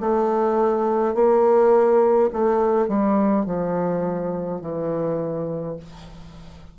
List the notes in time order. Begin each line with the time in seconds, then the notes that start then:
0.00 A3
1.14 A#3
2.33 A3
2.88 G3
3.46 F3
4.62 E3